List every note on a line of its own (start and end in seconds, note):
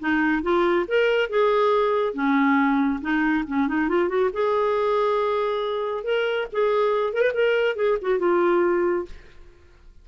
0.00 0.43 D#4
0.43 0.86 F4
0.88 1.29 A#4
1.29 2.14 G#4
2.14 3.00 C#4
3.02 3.45 D#4
3.47 3.68 C#4
3.68 3.89 D#4
3.89 4.08 F4
4.08 4.30 F#4
4.33 6.04 G#4
6.04 6.47 A#4
6.52 7.14 G#4
7.14 7.21 A#4
7.21 7.32 B4
7.34 7.76 A#4
7.76 7.98 G#4
8.01 8.19 F#4
8.19 9.06 F4